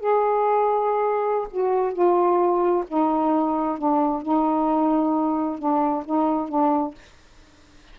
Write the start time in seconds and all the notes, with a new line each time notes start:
0.00 G#4
1.51 F#4
1.93 F4
2.88 D#4
3.78 D4
4.23 D#4
5.58 D4
6.05 D#4
6.49 D4